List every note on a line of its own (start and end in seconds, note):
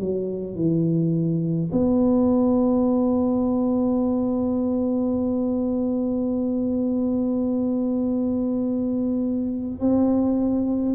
0.00 0.56 F#3
0.56 1.72 E3
1.73 9.80 B3
9.80 10.96 C4